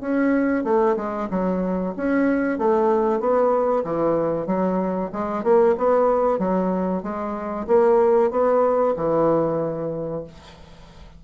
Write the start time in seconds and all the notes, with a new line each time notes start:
0.00 C#4
0.64 A3
0.96 G#3
1.30 F#3
1.97 C#4
2.58 A3
3.20 B3
3.84 E3
4.46 F#3
5.12 G#3
5.43 A#3
5.78 B3
6.39 F#3
7.03 G#3
7.67 A#3
8.31 B3
8.96 E3